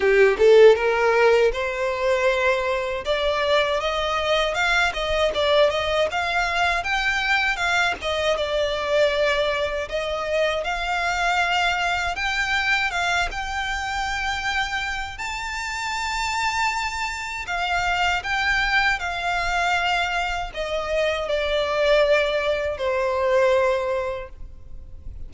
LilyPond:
\new Staff \with { instrumentName = "violin" } { \time 4/4 \tempo 4 = 79 g'8 a'8 ais'4 c''2 | d''4 dis''4 f''8 dis''8 d''8 dis''8 | f''4 g''4 f''8 dis''8 d''4~ | d''4 dis''4 f''2 |
g''4 f''8 g''2~ g''8 | a''2. f''4 | g''4 f''2 dis''4 | d''2 c''2 | }